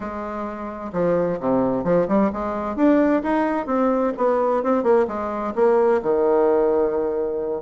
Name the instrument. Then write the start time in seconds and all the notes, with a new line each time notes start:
bassoon
0.00 G#3
0.93 F3
1.40 C3
1.84 F3
2.07 G3
2.32 G#3
2.76 D4
3.22 D#4
3.66 C4
4.17 B3
4.63 C4
4.83 A#3
5.07 G#3
5.55 A#3
6.02 D#3